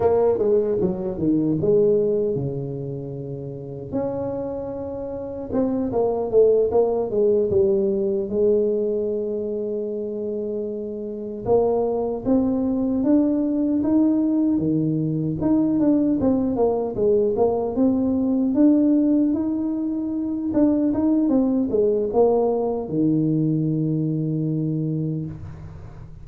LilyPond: \new Staff \with { instrumentName = "tuba" } { \time 4/4 \tempo 4 = 76 ais8 gis8 fis8 dis8 gis4 cis4~ | cis4 cis'2 c'8 ais8 | a8 ais8 gis8 g4 gis4.~ | gis2~ gis8 ais4 c'8~ |
c'8 d'4 dis'4 dis4 dis'8 | d'8 c'8 ais8 gis8 ais8 c'4 d'8~ | d'8 dis'4. d'8 dis'8 c'8 gis8 | ais4 dis2. | }